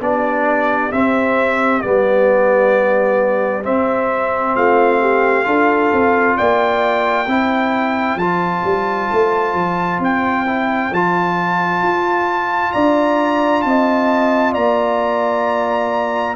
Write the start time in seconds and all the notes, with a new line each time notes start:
0.00 B3 D4 G4 D5
0.92 C4 E5
1.81 G3 B3 D5
3.63 C4 E5
4.55 A3 F4 F5
5.01 G4
5.44 D4 F4 A4
5.92 C4
6.37 A#3 D5 G5
7.27 C4 E4 C5
8.16 F3 F4 A5
8.63 G3
9.11 A3
9.54 F3
9.99 C4 G5
10.46 E4
10.92 F3 F4 A5
11.82 F4
12.72 D4 D5 A#5
13.62 C4 D#5 A5
14.53 A#3 D5 A#5